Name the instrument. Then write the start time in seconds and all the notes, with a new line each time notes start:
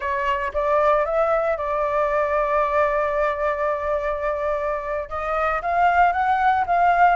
flute
0.00 C#5
0.53 D5
1.05 E5
1.57 D5
5.09 D#5
5.62 F5
6.12 F#5
6.66 F5